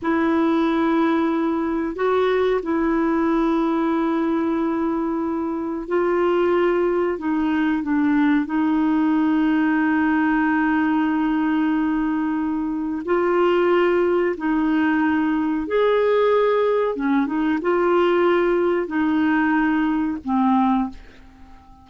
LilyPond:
\new Staff \with { instrumentName = "clarinet" } { \time 4/4 \tempo 4 = 92 e'2. fis'4 | e'1~ | e'4 f'2 dis'4 | d'4 dis'2.~ |
dis'1 | f'2 dis'2 | gis'2 cis'8 dis'8 f'4~ | f'4 dis'2 c'4 | }